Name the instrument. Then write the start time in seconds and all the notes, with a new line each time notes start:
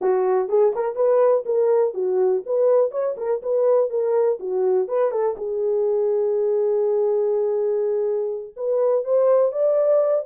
horn
0.01 F#4
0.49 G#4
0.75 A#4
0.95 B4
1.45 A#4
1.94 F#4
2.46 B4
2.91 C#5
3.17 A#4
3.42 B4
3.90 A#4
4.39 F#4
4.88 B4
5.11 A4
5.37 G#4
8.56 B4
9.04 C5
9.51 D5